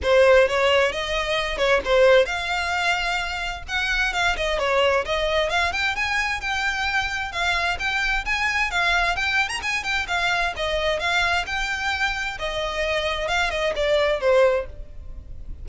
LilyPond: \new Staff \with { instrumentName = "violin" } { \time 4/4 \tempo 4 = 131 c''4 cis''4 dis''4. cis''8 | c''4 f''2. | fis''4 f''8 dis''8 cis''4 dis''4 | f''8 g''8 gis''4 g''2 |
f''4 g''4 gis''4 f''4 | g''8. ais''16 gis''8 g''8 f''4 dis''4 | f''4 g''2 dis''4~ | dis''4 f''8 dis''8 d''4 c''4 | }